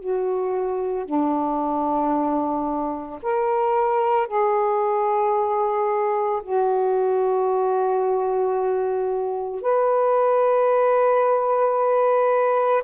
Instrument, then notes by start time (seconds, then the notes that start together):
saxophone
0.00 F#4
1.06 D4
3.22 A#4
4.28 G#4
6.43 F#4
9.62 B4